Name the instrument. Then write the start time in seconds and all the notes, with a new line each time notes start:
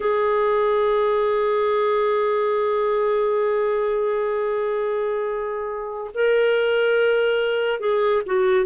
clarinet
0.00 G#4
6.14 A#4
7.79 G#4
8.26 F#4